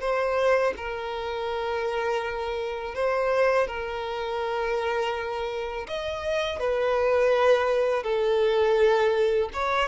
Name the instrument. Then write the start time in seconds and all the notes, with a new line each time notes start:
violin
0.00 C5
0.76 A#4
2.94 C5
3.67 A#4
5.87 D#5
6.59 B4
8.03 A4
9.53 C#5